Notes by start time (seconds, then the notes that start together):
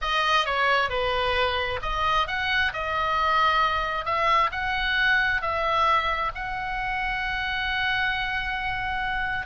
0.01 D#5
0.45 C#5
0.89 B4
1.82 D#5
2.27 F#5
2.73 D#5
4.05 E5
4.51 F#5
5.41 E5
6.34 F#5